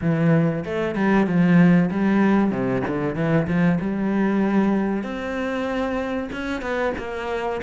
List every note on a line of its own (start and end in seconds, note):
0.01 0.64 E3
0.64 0.95 A3
0.95 1.26 G3
1.27 1.90 F3
1.91 2.50 G3
2.50 2.82 C3
2.87 3.15 D3
3.15 3.47 E3
3.47 3.79 F3
3.81 5.03 G3
5.03 6.29 C4
6.32 6.61 C#4
6.61 6.93 B3
6.98 7.61 A#3